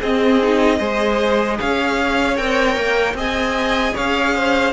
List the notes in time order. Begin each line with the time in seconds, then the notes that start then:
0.00 C4 G#4 D#5
0.42 D#4
0.78 G#3 G#4 C5
1.59 C#4 C#5 F5
2.36 C4 A#4 G5
2.76 A#3
3.13 C4 G#4 D#5 G#5
3.94 C#4 C#5 F5
4.35 C5